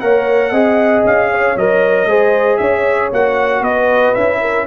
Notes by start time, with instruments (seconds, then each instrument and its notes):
0.00 tuba A#3, trombone A#4, horn C#5, trumpet F#5
0.52 tuba C4, trombone G#4, horn D#5
1.04 tuba C#4, trumpet F5
1.32 horn C#5
1.56 tuba F#3, trombone A#4, trumpet D#5
2.06 tuba G#3, trombone G#4, horn C5
2.57 tuba C#4, horn C#5, trumpet E5
3.13 tuba A#3, trombone F#4, trumpet F#5
3.61 tuba B3, horn B4, trumpet D#5
4.15 tuba C#4, trombone E4, trumpet E5
4.41 horn A#4